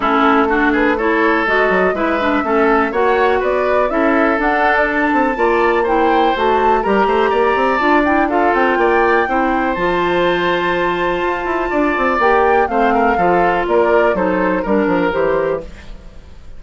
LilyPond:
<<
  \new Staff \with { instrumentName = "flute" } { \time 4/4 \tempo 4 = 123 a'4. b'8 cis''4 dis''4 | e''2 fis''4 d''4 | e''4 fis''8. d''16 a''2 | g''4 a''4 ais''2 |
a''8 g''8 f''8 g''2~ g''8 | a''1~ | a''4 g''4 f''2 | d''4 c''4 ais'4 c''4 | }
  \new Staff \with { instrumentName = "oboe" } { \time 4/4 e'4 fis'8 gis'8 a'2 | b'4 a'4 cis''4 b'4 | a'2. d''4 | c''2 ais'8 c''8 d''4~ |
d''4 a'4 d''4 c''4~ | c''1 | d''2 c''8 ais'8 a'4 | ais'4 a'4 ais'2 | }
  \new Staff \with { instrumentName = "clarinet" } { \time 4/4 cis'4 d'4 e'4 fis'4 | e'8 d'8 cis'4 fis'2 | e'4 d'2 f'4 | e'4 fis'4 g'2 |
f'8 e'8 f'2 e'4 | f'1~ | f'4 g'4 c'4 f'4~ | f'4 dis'4 d'4 g'4 | }
  \new Staff \with { instrumentName = "bassoon" } { \time 4/4 a2. gis8 fis8 | gis4 a4 ais4 b4 | cis'4 d'4. c'8 ais4~ | ais4 a4 g8 a8 ais8 c'8 |
d'4. c'8 ais4 c'4 | f2. f'8 e'8 | d'8 c'8 ais4 a4 f4 | ais4 fis4 g8 f8 e4 | }
>>